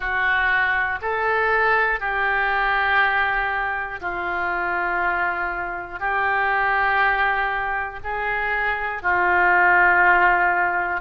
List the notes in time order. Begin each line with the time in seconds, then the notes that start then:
0.00 F#4
1.01 A4
2.00 G4
4.00 F4
6.00 G4
8.03 G#4
9.02 F4